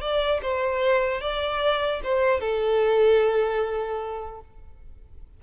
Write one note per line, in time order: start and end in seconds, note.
0.00 0.40 D5
0.42 1.21 C5
1.21 2.01 D5
2.03 2.40 C5
2.40 4.40 A4